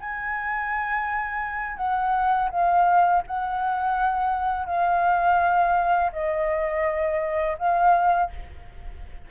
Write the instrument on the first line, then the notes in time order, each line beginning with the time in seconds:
flute
0.00 G#5
1.77 F#5
2.51 F5
3.27 F#5
4.66 F5
6.12 D#5
7.58 F5